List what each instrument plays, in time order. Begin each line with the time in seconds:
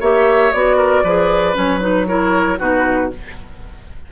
0.00 bassoon A#3, clarinet G4, oboe C#5, flute E5
0.52 bassoon B3, clarinet F#4, flute D5
0.77 oboe A#4
1.03 bassoon F3, clarinet G#4, oboe B4
1.53 bassoon F#3, clarinet C#4, flute C#5
1.79 clarinet D#4, flute B4
2.07 clarinet E4, oboe A#4, flute C#5
2.59 bassoon B2, clarinet D#4, oboe F#4, flute B4